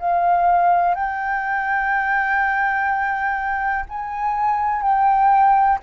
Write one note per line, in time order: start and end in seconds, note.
0.00 0.95 F5
0.95 3.85 G5
3.89 4.83 G#5
4.83 5.79 G5